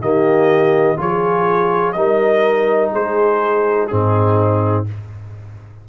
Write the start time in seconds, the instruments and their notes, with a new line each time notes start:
0.00 tuba D#3, trombone A#3, horn G4, trumpet D#5
0.97 tuba F3, trombone F4, horn G#4, trumpet C#5
1.92 tuba G3, trombone D#4, horn A#4, trumpet D#5
2.92 tuba G#3, horn G#4, trumpet C5
3.87 tuba G#2, trombone C4, horn D#4, trumpet G#4